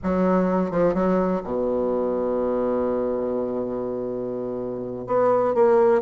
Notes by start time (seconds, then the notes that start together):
0.03 F#3
0.70 F3
0.93 F#3
1.44 B2
5.07 B3
5.54 A#3